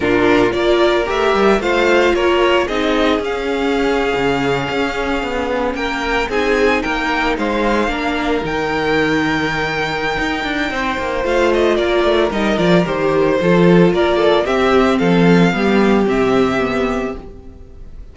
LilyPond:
<<
  \new Staff \with { instrumentName = "violin" } { \time 4/4 \tempo 4 = 112 ais'4 d''4 e''4 f''4 | cis''4 dis''4 f''2~ | f''2~ f''8. g''4 gis''16~ | gis''8. g''4 f''2 g''16~ |
g''1~ | g''4 f''8 dis''8 d''4 dis''8 d''8 | c''2 d''4 e''4 | f''2 e''2 | }
  \new Staff \with { instrumentName = "violin" } { \time 4/4 f'4 ais'2 c''4 | ais'4 gis'2.~ | gis'2~ gis'8. ais'4 gis'16~ | gis'8. ais'4 c''4 ais'4~ ais'16~ |
ais'1 | c''2 ais'2~ | ais'4 a'4 ais'8 a'8 g'4 | a'4 g'2. | }
  \new Staff \with { instrumentName = "viola" } { \time 4/4 d'4 f'4 g'4 f'4~ | f'4 dis'4 cis'2~ | cis'2.~ cis'8. dis'16~ | dis'2~ dis'8. d'4 dis'16~ |
dis'1~ | dis'4 f'2 dis'8 f'8 | g'4 f'2 c'4~ | c'4 b4 c'4 b4 | }
  \new Staff \with { instrumentName = "cello" } { \time 4/4 ais,4 ais4 a8 g8 a4 | ais4 c'4 cis'4.~ cis'16 cis16~ | cis8. cis'4 b4 ais4 c'16~ | c'8. ais4 gis4 ais4 dis16~ |
dis2. dis'8 d'8 | c'8 ais8 a4 ais8 a8 g8 f8 | dis4 f4 ais4 c'4 | f4 g4 c2 | }
>>